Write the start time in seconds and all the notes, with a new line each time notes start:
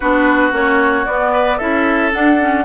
0.00 B3 D4 F#4 B4
0.52 A#3 C#4 C#5
1.05 B3 D5
1.32 B4
1.57 C#4 E4 A4 E5
2.12 D4 F#5
2.40 C#4